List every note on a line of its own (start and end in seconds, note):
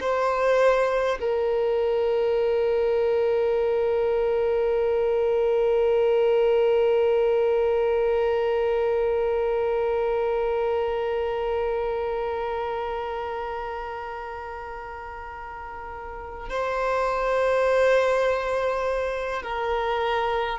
0.00 1.18 C5
1.20 16.49 A#4
16.49 19.43 C5
19.43 20.59 A#4